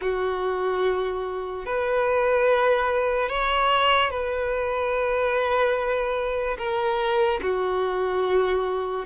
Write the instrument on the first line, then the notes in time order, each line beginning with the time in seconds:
violin
0.01 F#4
1.65 B4
3.29 C#5
4.10 B4
6.58 A#4
7.42 F#4